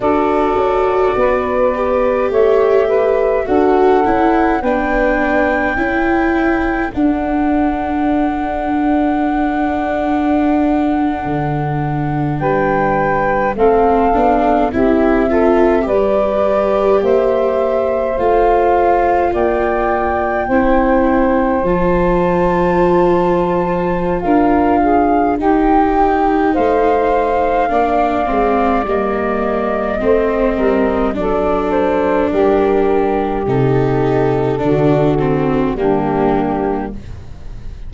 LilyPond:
<<
  \new Staff \with { instrumentName = "flute" } { \time 4/4 \tempo 4 = 52 d''2 e''4 fis''4 | g''2 fis''2~ | fis''2~ fis''8. g''4 f''16~ | f''8. e''4 d''4 e''4 f''16~ |
f''8. g''2 a''4~ a''16~ | a''4 f''4 g''4 f''4~ | f''4 dis''2 d''8 c''8 | ais'4 a'2 g'4 | }
  \new Staff \with { instrumentName = "saxophone" } { \time 4/4 a'4 b'4 cis''8 b'8 a'4 | b'4 a'2.~ | a'2~ a'8. b'4 a'16~ | a'8. g'8 a'8 b'4 c''4~ c''16~ |
c''8. d''4 c''2~ c''16~ | c''4 ais'8 gis'8 g'4 c''4 | d''2 c''8 ais'8 a'4 | g'2 fis'4 d'4 | }
  \new Staff \with { instrumentName = "viola" } { \time 4/4 fis'4. g'4. fis'8 e'8 | d'4 e'4 d'2~ | d'2.~ d'8. c'16~ | c'16 d'8 e'8 f'8 g'2 f'16~ |
f'4.~ f'16 e'4 f'4~ f'16~ | f'2 dis'2 | d'8 c'8 ais4 c'4 d'4~ | d'4 dis'4 d'8 c'8 ais4 | }
  \new Staff \with { instrumentName = "tuba" } { \time 4/4 d'8 cis'8 b4 a4 d'8 cis'8 | b4 cis'4 d'2~ | d'4.~ d'16 d4 g4 a16~ | a16 b8 c'4 g4 ais4 a16~ |
a8. ais4 c'4 f4~ f16~ | f4 d'4 dis'4 a4 | ais8 gis8 g4 a8 g8 fis4 | g4 c4 d4 g4 | }
>>